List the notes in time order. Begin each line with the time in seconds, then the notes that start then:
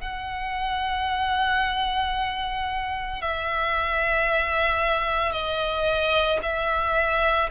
0.00 F#5
3.21 E5
5.32 D#5
6.42 E5